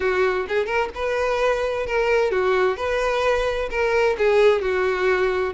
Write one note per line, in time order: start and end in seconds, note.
0.00 0.46 F#4
0.48 0.66 G#4
0.66 0.89 A#4
0.94 1.86 B4
1.86 2.31 A#4
2.31 2.77 F#4
2.77 3.69 B4
3.70 4.16 A#4
4.18 4.61 G#4
4.61 5.54 F#4